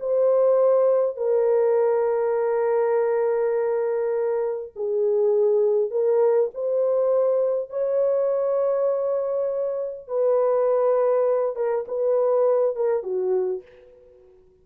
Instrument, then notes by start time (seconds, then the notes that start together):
horn
0.00 C5
1.17 A#4
4.76 G#4
5.91 A#4
6.55 C5
7.70 C#5
10.07 B4
11.56 A#4
11.88 B4
12.76 A#4
13.03 F#4